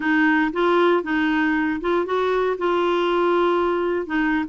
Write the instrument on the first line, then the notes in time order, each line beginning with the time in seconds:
clarinet
0.00 D#4
0.52 F4
1.03 D#4
1.81 F4
2.05 F#4
2.58 F4
4.06 D#4